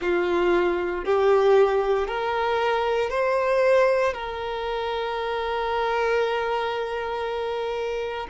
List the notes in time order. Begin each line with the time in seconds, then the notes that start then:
0.01 F4
1.04 G4
2.07 A#4
3.10 C5
4.13 A#4